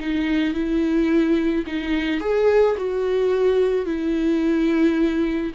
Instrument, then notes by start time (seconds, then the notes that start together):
viola
0.00 D#4
0.54 E4
1.67 D#4
2.20 G#4
2.77 F#4
3.86 E4